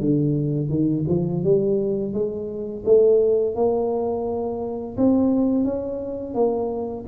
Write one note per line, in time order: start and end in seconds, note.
0.00 0.69 D3
0.69 1.05 D#3
1.08 1.43 F3
1.43 2.13 G3
2.13 2.84 G#3
2.85 3.55 A3
3.55 4.96 A#3
4.97 5.64 C4
5.64 6.34 C#4
6.34 7.05 A#3